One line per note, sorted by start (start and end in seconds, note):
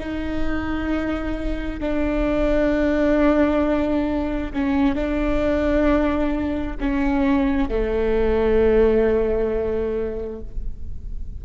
0.00 1.80 D#4
1.80 4.53 D4
4.54 4.95 C#4
4.95 6.77 D4
6.81 7.69 C#4
7.69 10.42 A3